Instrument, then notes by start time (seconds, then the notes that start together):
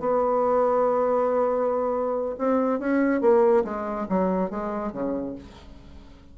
bassoon
0.00 B3
2.38 C4
2.80 C#4
3.21 A#3
3.64 G#3
4.09 F#3
4.50 G#3
4.92 C#3